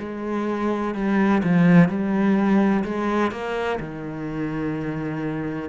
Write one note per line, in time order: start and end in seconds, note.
0.00 0.95 G#3
0.95 1.43 G3
1.44 1.89 F3
1.89 2.84 G3
2.85 3.32 G#3
3.32 3.80 A#3
3.80 5.70 D#3